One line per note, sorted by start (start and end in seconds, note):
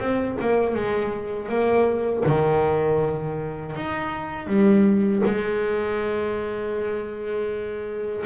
0.00 0.38 C4
0.41 0.75 A#3
0.75 1.49 G#3
1.49 2.24 A#3
2.26 3.76 D#3
3.76 4.47 D#4
4.47 5.22 G3
5.26 8.26 G#3